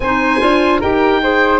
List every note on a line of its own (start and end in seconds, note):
0.00 0.40 C4
0.00 0.40 D#4
0.00 0.79 C5
0.00 0.81 G#5
0.40 0.82 D4
0.40 0.80 F4
0.79 1.60 D#4
0.79 1.22 G4
0.79 1.20 A#4
0.79 1.60 G5
1.22 1.60 G#4
1.22 1.60 C5